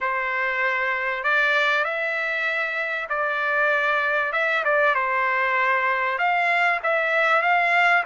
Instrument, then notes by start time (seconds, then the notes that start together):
trumpet
0.00 C5
1.23 D5
1.84 E5
3.09 D5
4.32 E5
4.64 D5
4.95 C5
6.18 F5
6.83 E5
7.41 F5